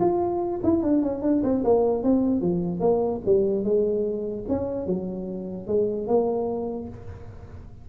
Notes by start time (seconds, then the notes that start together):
0.00 F4
0.63 E4
0.83 D4
1.02 C#4
1.22 D4
1.43 C4
1.64 A#3
2.03 C4
2.41 F3
2.80 A#3
3.25 G3
3.64 G#3
4.48 C#4
4.86 F#3
5.67 G#3
6.07 A#3